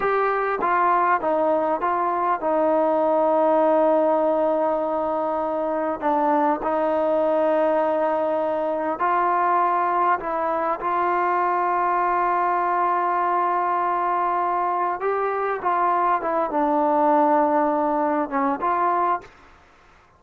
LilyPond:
\new Staff \with { instrumentName = "trombone" } { \time 4/4 \tempo 4 = 100 g'4 f'4 dis'4 f'4 | dis'1~ | dis'2 d'4 dis'4~ | dis'2. f'4~ |
f'4 e'4 f'2~ | f'1~ | f'4 g'4 f'4 e'8 d'8~ | d'2~ d'8 cis'8 f'4 | }